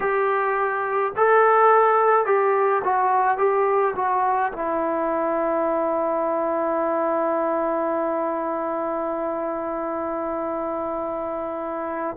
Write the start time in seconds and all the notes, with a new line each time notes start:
0.00 G4
1.16 A4
2.25 G4
2.84 F#4
3.37 G4
3.95 F#4
4.52 E4